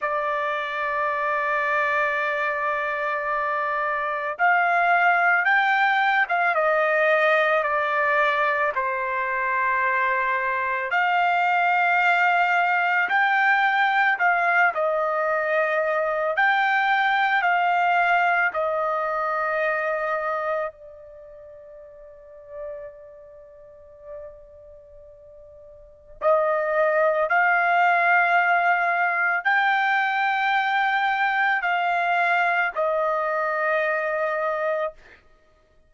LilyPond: \new Staff \with { instrumentName = "trumpet" } { \time 4/4 \tempo 4 = 55 d''1 | f''4 g''8. f''16 dis''4 d''4 | c''2 f''2 | g''4 f''8 dis''4. g''4 |
f''4 dis''2 d''4~ | d''1 | dis''4 f''2 g''4~ | g''4 f''4 dis''2 | }